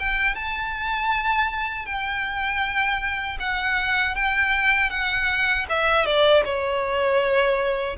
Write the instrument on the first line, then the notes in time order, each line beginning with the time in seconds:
violin
0.00 G5
0.36 A5
1.86 G5
3.40 F#5
4.16 G5
4.91 F#5
5.70 E5
6.06 D5
6.45 C#5